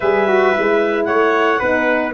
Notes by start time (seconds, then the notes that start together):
0.00 G3 G#4 B4 E5
0.27 F#4
0.53 G#3 E4
1.04 A3 C#5 F#5
1.59 B3 D#4 B4